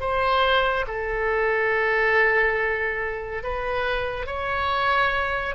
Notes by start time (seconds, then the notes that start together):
0.00 C5
0.87 A4
3.43 B4
4.26 C#5